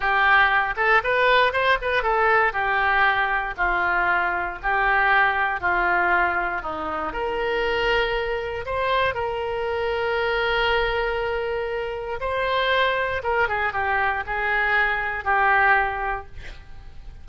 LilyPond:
\new Staff \with { instrumentName = "oboe" } { \time 4/4 \tempo 4 = 118 g'4. a'8 b'4 c''8 b'8 | a'4 g'2 f'4~ | f'4 g'2 f'4~ | f'4 dis'4 ais'2~ |
ais'4 c''4 ais'2~ | ais'1 | c''2 ais'8 gis'8 g'4 | gis'2 g'2 | }